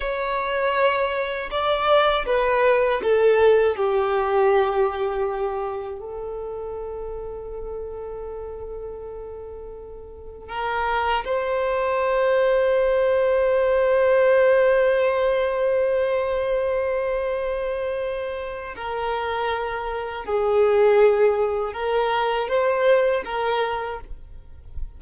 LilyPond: \new Staff \with { instrumentName = "violin" } { \time 4/4 \tempo 4 = 80 cis''2 d''4 b'4 | a'4 g'2. | a'1~ | a'2 ais'4 c''4~ |
c''1~ | c''1~ | c''4 ais'2 gis'4~ | gis'4 ais'4 c''4 ais'4 | }